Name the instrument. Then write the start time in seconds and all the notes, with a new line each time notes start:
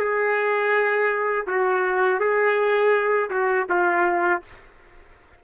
trumpet
0.00 G#4
1.48 F#4
2.21 G#4
3.31 F#4
3.70 F4